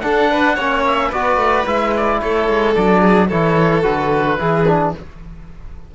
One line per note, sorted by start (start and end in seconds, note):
0.00 0.56 D4
0.00 0.57 D4
0.00 0.31 A4
0.00 0.82 F#5
0.31 0.55 B4
0.55 1.12 A#3
0.55 1.13 C#4
0.55 1.08 C#5
0.86 1.12 E5
1.08 1.36 B3
1.08 1.66 F#4
1.08 2.17 B4
1.08 1.66 D5
1.36 1.63 A3
1.66 2.21 G#3
1.66 2.75 E4
1.66 1.94 E5
1.96 2.21 D5
2.21 2.48 A3
2.21 3.00 A4
2.21 2.74 C#5
2.48 2.75 G#3
2.74 3.31 F#3
2.74 3.29 D4
2.74 3.29 D5
3.00 3.27 G#4
3.28 3.84 E3
3.28 3.83 E4
3.28 4.37 A4
3.28 3.82 C#5
3.82 4.39 D3
3.82 4.37 F#4
3.82 4.91 B4
4.38 4.94 E3
4.38 4.65 E4
4.38 4.94 G#4
4.67 4.94 D4